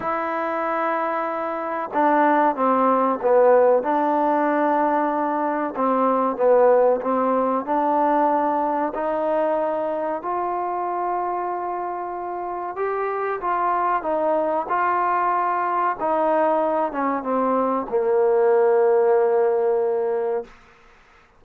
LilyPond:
\new Staff \with { instrumentName = "trombone" } { \time 4/4 \tempo 4 = 94 e'2. d'4 | c'4 b4 d'2~ | d'4 c'4 b4 c'4 | d'2 dis'2 |
f'1 | g'4 f'4 dis'4 f'4~ | f'4 dis'4. cis'8 c'4 | ais1 | }